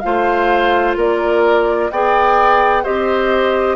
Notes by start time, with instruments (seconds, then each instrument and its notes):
0.00 bassoon A3, clarinet F4, oboe C5, flute F5
0.96 bassoon A#3, oboe A#4, flute D5
1.91 bassoon B3, clarinet G#4, oboe D5, flute G5
2.83 bassoon C4, clarinet G4, oboe C5, flute D#5